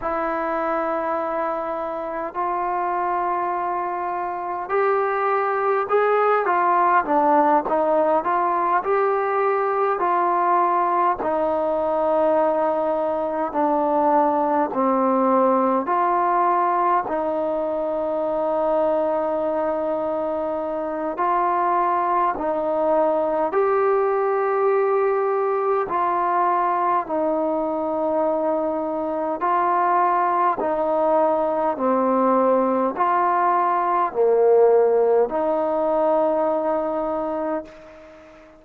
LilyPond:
\new Staff \with { instrumentName = "trombone" } { \time 4/4 \tempo 4 = 51 e'2 f'2 | g'4 gis'8 f'8 d'8 dis'8 f'8 g'8~ | g'8 f'4 dis'2 d'8~ | d'8 c'4 f'4 dis'4.~ |
dis'2 f'4 dis'4 | g'2 f'4 dis'4~ | dis'4 f'4 dis'4 c'4 | f'4 ais4 dis'2 | }